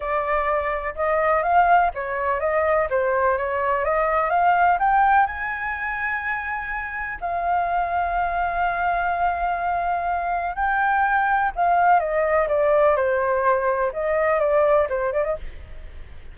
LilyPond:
\new Staff \with { instrumentName = "flute" } { \time 4/4 \tempo 4 = 125 d''2 dis''4 f''4 | cis''4 dis''4 c''4 cis''4 | dis''4 f''4 g''4 gis''4~ | gis''2. f''4~ |
f''1~ | f''2 g''2 | f''4 dis''4 d''4 c''4~ | c''4 dis''4 d''4 c''8 d''16 dis''16 | }